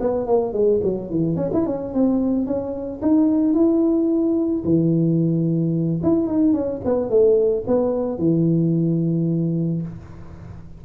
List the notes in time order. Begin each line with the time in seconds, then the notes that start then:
0.00 B3
0.26 A#3
0.53 G#3
0.83 F#3
1.10 E3
1.36 C#4
1.53 E4
1.66 C#4
1.94 C4
2.46 C#4
3.01 D#4
3.54 E4
4.64 E3
6.02 E4
6.27 D#4
6.53 C#4
6.84 B3
7.09 A3
7.67 B3
8.18 E3